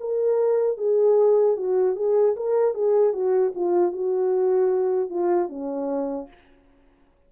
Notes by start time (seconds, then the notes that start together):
0.00 A#4
0.78 G#4
1.56 F#4
1.96 G#4
2.36 A#4
2.74 G#4
3.13 F#4
3.55 F4
3.92 F#4
5.10 F4
5.49 C#4